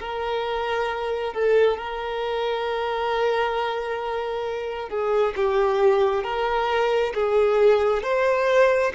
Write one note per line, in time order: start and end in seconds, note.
0.00 1.34 A#4
1.34 1.77 A4
1.77 4.89 A#4
4.89 5.34 G#4
5.36 6.23 G4
6.23 7.13 A#4
7.14 8.03 G#4
8.03 8.92 C5